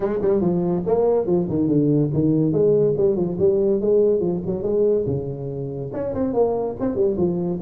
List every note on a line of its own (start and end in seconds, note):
0.00 0.19 G#3
0.21 0.40 G3
0.40 0.83 F3
0.86 1.26 A#3
1.26 1.47 F3
1.49 1.68 D#3
1.68 2.10 D3
2.13 2.52 D#3
2.52 2.94 G#3
2.97 3.16 G3
3.16 3.37 F3
3.38 3.80 G3
3.80 4.19 G#3
4.19 4.41 F3
4.46 4.63 F#3
4.63 5.05 G#3
5.06 5.90 C#3
5.93 6.14 C#4
6.14 6.33 C4
6.33 6.75 A#3
6.80 6.95 C4
6.95 7.16 G3
7.17 7.59 F3